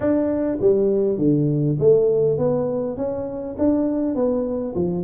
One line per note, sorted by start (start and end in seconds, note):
0.00 0.58 D4
0.60 1.17 G3
1.17 1.77 D3
1.79 2.38 A3
2.38 2.96 B3
2.96 3.56 C#4
3.58 4.15 D4
4.15 4.74 B3
4.75 5.04 F3